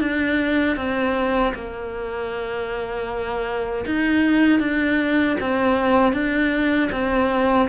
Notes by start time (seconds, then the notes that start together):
0.00 D4
0.77 C4
1.55 A#3
3.86 D#4
4.60 D4
5.40 C4
6.13 D4
6.92 C4